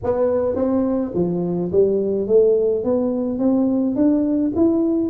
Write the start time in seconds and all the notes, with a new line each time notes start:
0.03 B3
0.55 C4
1.14 F3
1.72 G3
2.27 A3
2.84 B3
3.38 C4
3.95 D4
4.55 E4